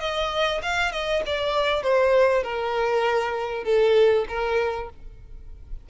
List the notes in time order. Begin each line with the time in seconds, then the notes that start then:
0.00 D#5
0.62 F5
0.92 D#5
1.26 D5
1.83 C5
2.43 A#4
3.64 A4
4.28 A#4